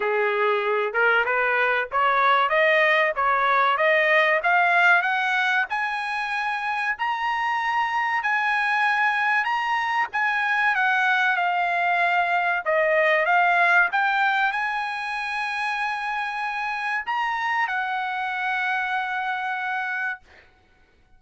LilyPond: \new Staff \with { instrumentName = "trumpet" } { \time 4/4 \tempo 4 = 95 gis'4. ais'8 b'4 cis''4 | dis''4 cis''4 dis''4 f''4 | fis''4 gis''2 ais''4~ | ais''4 gis''2 ais''4 |
gis''4 fis''4 f''2 | dis''4 f''4 g''4 gis''4~ | gis''2. ais''4 | fis''1 | }